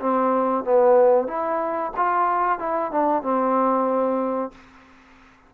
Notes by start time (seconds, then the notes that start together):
0.00 C4
0.64 B3
1.27 E4
1.97 F4
2.59 E4
2.91 D4
3.23 C4